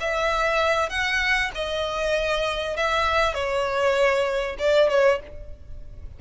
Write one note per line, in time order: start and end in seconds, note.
0.00 0.89 E5
0.89 1.51 F#5
1.54 2.76 D#5
2.76 3.34 E5
3.34 4.56 C#5
4.58 4.89 D5
4.89 5.20 C#5